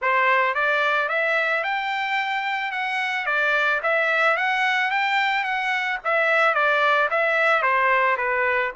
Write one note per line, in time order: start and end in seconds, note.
0.01 0.54 C5
0.54 1.09 D5
1.09 1.63 E5
1.63 2.71 G5
2.71 3.26 F#5
3.26 3.80 D5
3.82 4.37 E5
4.37 4.90 F#5
4.90 5.43 G5
5.43 5.98 F#5
6.04 6.54 E5
6.54 7.09 D5
7.10 7.62 E5
7.62 8.16 C5
8.17 8.71 B4